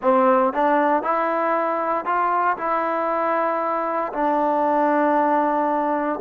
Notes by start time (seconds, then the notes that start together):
0.02 C4
0.53 D4
1.03 E4
2.05 F4
2.57 E4
4.12 D4